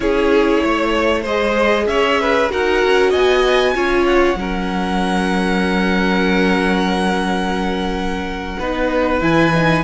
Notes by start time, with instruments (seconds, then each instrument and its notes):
0.00 cello C#4, viola E4, violin G#4 C#5
0.63 cello A3, violin C#5
1.22 cello G#3, viola G#4, violin C5 D#5
1.86 cello C#4, violin C#5 E5
2.20 violin B4
2.49 cello D#4, viola F#4, violin A#4 F#5
2.84 cello C#4
3.10 cello B3, violin D#5 G#5
3.74 cello C#4, viola F4, violin C#5
4.06 violin F#5
4.35 cello F#3, viola C#4, violin A#4
8.59 cello B3, viola D#4, violin B4
9.20 cello E3, viola E4, violin G#5
9.54 viola D#4